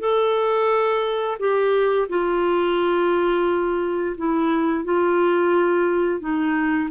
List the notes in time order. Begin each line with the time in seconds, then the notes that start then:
0.00 A4
1.39 G4
2.09 F4
4.17 E4
4.85 F4
6.20 D#4